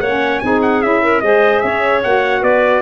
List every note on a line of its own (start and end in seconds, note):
0.00 0.41 A#3
0.00 0.43 C#5
0.00 0.39 F#5
0.06 0.43 C#4
0.39 0.83 C4
0.39 0.83 D#4
0.39 1.02 G#4
0.39 0.60 G#5
0.62 0.82 F#5
0.82 1.22 C#4
0.82 1.22 E4
0.82 1.21 E5
1.02 1.23 A#4
1.21 1.63 G#3
1.21 2.03 G#4
1.21 1.64 C5
1.21 1.59 D#5
1.59 2.05 C#4
1.59 2.42 C#5
1.59 2.00 E5
2.03 2.42 A#3
2.03 2.82 F#4
2.03 2.43 F#5
2.42 2.82 B3
2.42 2.82 B4
2.42 2.82 D5